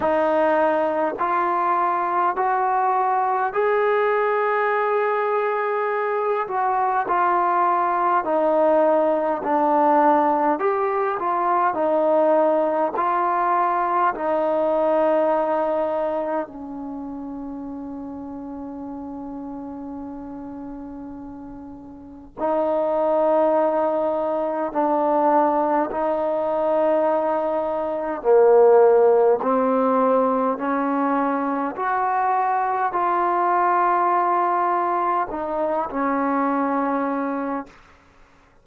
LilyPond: \new Staff \with { instrumentName = "trombone" } { \time 4/4 \tempo 4 = 51 dis'4 f'4 fis'4 gis'4~ | gis'4. fis'8 f'4 dis'4 | d'4 g'8 f'8 dis'4 f'4 | dis'2 cis'2~ |
cis'2. dis'4~ | dis'4 d'4 dis'2 | ais4 c'4 cis'4 fis'4 | f'2 dis'8 cis'4. | }